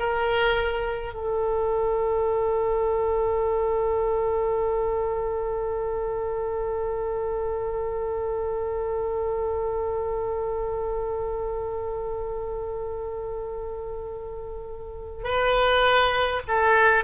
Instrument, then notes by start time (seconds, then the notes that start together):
oboe
0.00 A#4
1.14 A4
15.24 B4
16.48 A4